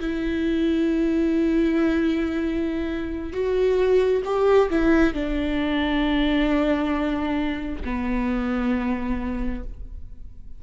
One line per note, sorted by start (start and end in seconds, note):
0.00 3.33 E4
3.33 4.23 F#4
4.25 4.70 G4
4.70 5.14 E4
5.14 7.82 D4
7.84 9.64 B3